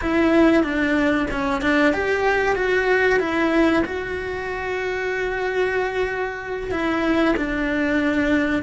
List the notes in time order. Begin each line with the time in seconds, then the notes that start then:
0.01 E4
0.63 D4
1.31 C#4
1.61 D4
1.93 G4
2.55 F#4
3.19 E4
3.84 F#4
6.71 E4
7.37 D4